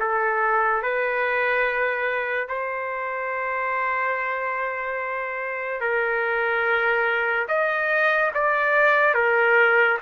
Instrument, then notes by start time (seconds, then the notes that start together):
trumpet
0.00 A4
0.83 B4
2.48 C5
5.81 A#4
7.48 D#5
8.34 D5
9.14 A#4